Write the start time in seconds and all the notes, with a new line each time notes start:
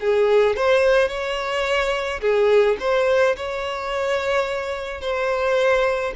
0.00 G#4
0.56 C5
1.08 C#5
2.21 G#4
2.80 C5
3.36 C#5
5.01 C5